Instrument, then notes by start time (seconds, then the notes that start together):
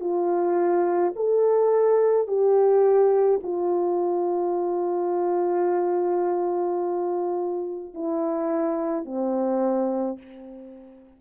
horn
0.00 F4
1.16 A4
2.27 G4
3.43 F4
7.94 E4
9.05 C4